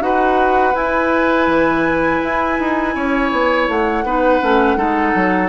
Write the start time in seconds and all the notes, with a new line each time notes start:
0.00 D#4 F#4 B4 F#5
0.74 E4 G#5
1.47 E3
2.22 E4
2.59 D#4
2.95 C#4 C#5
3.31 B3
3.68 A3 F#5
4.03 B3 D#4 B4
4.41 A3 C#4
4.76 G#3 D#4 A4
5.14 F#3